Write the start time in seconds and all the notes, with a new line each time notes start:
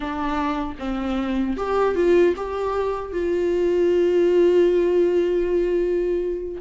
0.00 D4
0.78 C4
1.56 G4
1.95 F4
2.36 G4
3.12 F4